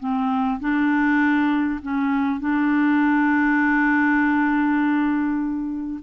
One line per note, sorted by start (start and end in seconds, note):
0.00 0.60 C4
0.61 1.81 D4
1.82 2.40 C#4
2.40 6.00 D4